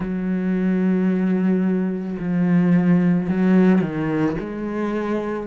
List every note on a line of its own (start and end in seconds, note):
0.00 2.17 F#3
2.19 3.28 F3
3.28 3.81 F#3
3.81 4.36 D#3
4.39 5.46 G#3